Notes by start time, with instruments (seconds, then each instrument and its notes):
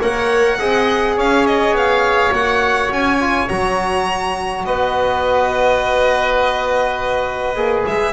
0.00 double bass A#3, trombone A#4, oboe C#5, violin F#5
0.59 double bass C4, trombone G#4, oboe D#5
1.17 double bass C#4, oboe C#5, violin F5
1.47 violin D#5
1.72 double bass B3, violin F5
2.32 double bass A#3, trombone F#4, violin F#5
2.91 double bass C#4, violin G#5
3.20 trombone F4
3.49 double bass F#3, trombone F#4, violin A#5
4.66 double bass B3, oboe B4, violin D#5
7.56 double bass A#3, trombone G#4
7.87 double bass G#3, violin E5